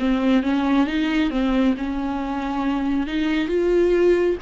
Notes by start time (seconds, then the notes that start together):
0.00 C4
0.43 C#4
0.87 D#4
1.31 C4
1.78 C#4
3.07 D#4
3.49 F4